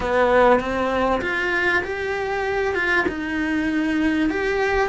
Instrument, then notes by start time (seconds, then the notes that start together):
cello
0.00 B3
0.60 C4
1.21 F4
1.83 G4
2.74 F4
3.08 D#4
4.30 G4